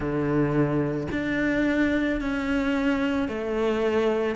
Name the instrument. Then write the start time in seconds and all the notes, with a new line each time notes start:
cello
0.00 D3
1.11 D4
2.21 C#4
3.28 A3